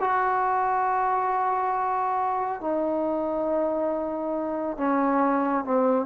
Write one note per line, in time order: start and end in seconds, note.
0.00 2.61 F#4
2.61 4.77 D#4
4.77 5.64 C#4
5.64 6.06 C4